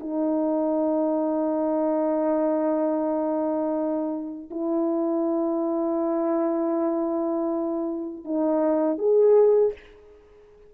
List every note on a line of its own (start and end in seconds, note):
0.00 4.50 D#4
4.51 8.25 E4
8.25 8.98 D#4
8.98 9.73 G#4